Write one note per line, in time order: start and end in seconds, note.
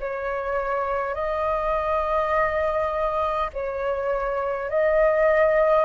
0.00 1.14 C#5
1.14 3.50 D#5
3.53 4.70 C#5
4.70 5.85 D#5